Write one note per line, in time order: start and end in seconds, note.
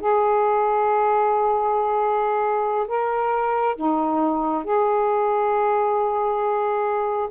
0.00 2.87 G#4
2.88 3.76 A#4
3.76 4.64 D#4
4.64 7.29 G#4